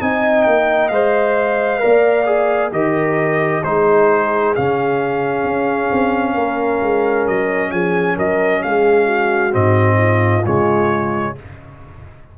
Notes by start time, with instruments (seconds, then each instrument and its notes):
0.00 tuba C4, trombone D#4, horn D#5, trumpet G#5
0.43 tuba A#3, trumpet G5
0.88 tuba G#3, trombone C5, trumpet F5
1.79 tuba A#3, trombone A#4, horn D5
2.26 trombone G#4
2.72 tuba D#3, trombone G4, horn A#4, trumpet D#5
3.64 tuba G#3, trombone D#4, horn G#4, trumpet C5
4.55 tuba C#3, trombone C#4, trumpet F5
5.44 tuba C#4
5.92 tuba C4
6.34 tuba A#3, horn A#4
6.82 tuba G#3
7.27 tuba F#3, trumpet D#5
7.71 tuba F3, horn G#4, trumpet G#5
8.16 tuba F#3, horn A#4, trumpet D#5
8.62 tuba G#3, horn G#4, trumpet F5
9.06 horn F#4
9.52 tuba G#2, trombone C4, trumpet D#5
9.98 horn F4
10.45 tuba C#3, trombone G#3, trumpet C#5